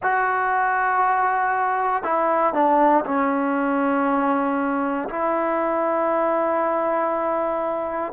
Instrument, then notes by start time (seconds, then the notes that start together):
trombone
0.02 F#4
2.03 E4
2.53 D4
3.05 C#4
5.08 E4